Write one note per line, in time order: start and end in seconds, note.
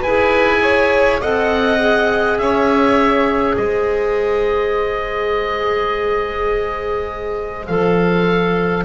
0.00 1.22 E4
0.00 1.22 G#4
0.00 0.59 B4
0.00 1.21 G#5
0.62 1.21 C#5
1.21 2.39 C4
1.21 1.78 A4
1.21 2.39 D#5
1.21 2.38 F#5
1.78 7.66 G#4
2.38 3.56 C#4
2.38 3.58 C#5
2.38 3.56 E5
3.57 7.69 G#3
3.57 8.85 C5
3.57 7.67 D#5
7.67 8.85 F3
7.67 8.85 A4
7.67 8.85 F5